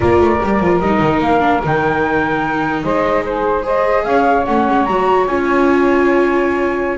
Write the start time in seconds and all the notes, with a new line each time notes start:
0.00 A#3 F4 A#4 D5
0.19 A3
0.42 G3 G4
0.59 F3 F4
0.79 G3 D#4 D#5
0.99 D#3
1.19 A#3 F5
1.40 D4
1.63 D#3 D#4 G5
2.83 G#3 C5 D#5
3.25 G#4 C5
3.62 G#4 C5 D#5
4.03 C#4 C#5 F5
4.45 A3 C#4 F#5
4.67 G#3
4.84 F#3 F#4 A#5
5.26 C#4 F4 G#5